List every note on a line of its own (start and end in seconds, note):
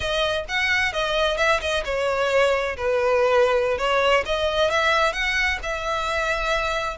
0.00 0.45 D#5
0.48 0.92 F#5
0.92 1.37 D#5
1.37 1.60 E5
1.60 1.83 D#5
1.84 2.76 C#5
2.76 3.78 B4
3.78 4.24 C#5
4.25 4.70 D#5
4.70 5.13 E5
5.13 5.58 F#5
5.62 6.97 E5